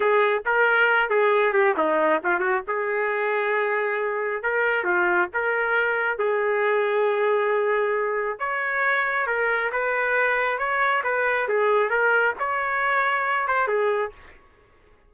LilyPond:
\new Staff \with { instrumentName = "trumpet" } { \time 4/4 \tempo 4 = 136 gis'4 ais'4. gis'4 g'8 | dis'4 f'8 fis'8 gis'2~ | gis'2 ais'4 f'4 | ais'2 gis'2~ |
gis'2. cis''4~ | cis''4 ais'4 b'2 | cis''4 b'4 gis'4 ais'4 | cis''2~ cis''8 c''8 gis'4 | }